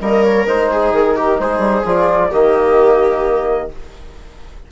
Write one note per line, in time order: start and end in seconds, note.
0.00 0.47 G3
0.00 0.46 A#3
0.00 0.71 A#4
0.00 0.23 D#5
0.23 0.47 C#5
0.46 0.92 G#3
0.46 1.85 D#4
0.46 0.94 C5
0.71 1.16 G#4
0.92 1.38 D#3
0.92 1.40 A#4
1.16 1.39 G4
1.40 1.59 G#3
1.40 2.30 G#4
1.40 1.86 C5
1.59 1.82 G3
1.85 2.31 F3
1.85 2.31 F4
1.85 2.32 D5
2.30 3.72 D#3
2.30 3.69 A#3
2.30 3.69 G4
2.30 3.70 D#5